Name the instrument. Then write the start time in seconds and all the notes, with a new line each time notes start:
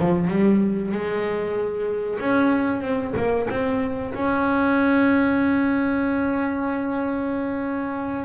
double bass
0.00 F3
0.28 G3
0.92 G#3
2.20 C#4
2.82 C4
3.17 A#3
3.50 C4
4.15 C#4